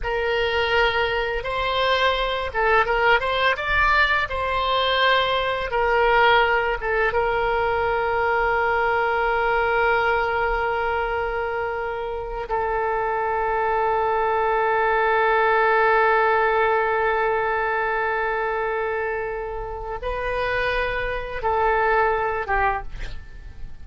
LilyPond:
\new Staff \with { instrumentName = "oboe" } { \time 4/4 \tempo 4 = 84 ais'2 c''4. a'8 | ais'8 c''8 d''4 c''2 | ais'4. a'8 ais'2~ | ais'1~ |
ais'4. a'2~ a'8~ | a'1~ | a'1 | b'2 a'4. g'8 | }